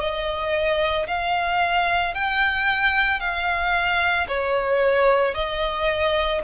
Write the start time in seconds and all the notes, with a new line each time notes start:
0.00 D#5
1.07 F5
2.15 G5
3.20 F5
4.29 C#5
5.34 D#5